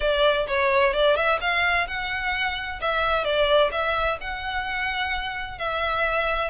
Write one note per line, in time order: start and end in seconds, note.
0.00 0.46 D5
0.47 0.93 C#5
0.93 1.16 D5
1.16 1.39 E5
1.40 1.87 F5
1.87 2.80 F#5
2.81 3.24 E5
3.24 3.71 D5
3.71 4.18 E5
4.20 5.58 F#5
5.58 6.50 E5